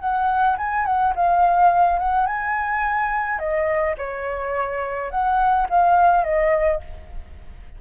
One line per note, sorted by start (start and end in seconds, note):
0.00 0.57 F#5
0.58 0.86 G#5
0.86 1.14 F#5
1.16 1.99 F5
1.99 2.27 F#5
2.27 3.39 G#5
3.39 3.95 D#5
3.98 5.11 C#5
5.11 5.68 F#5
5.70 6.24 F5
6.24 6.81 D#5